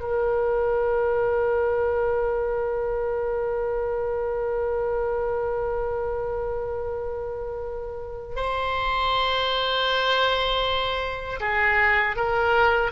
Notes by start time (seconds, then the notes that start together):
0.00 A#4
8.35 C5
11.40 G#4
12.16 A#4